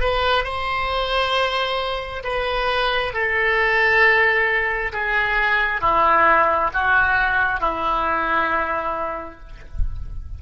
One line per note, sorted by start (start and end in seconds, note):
0.00 0.44 B4
0.44 2.23 C5
2.23 3.13 B4
3.13 4.92 A4
4.93 5.80 G#4
5.80 6.70 E4
6.73 7.60 F#4
7.60 9.39 E4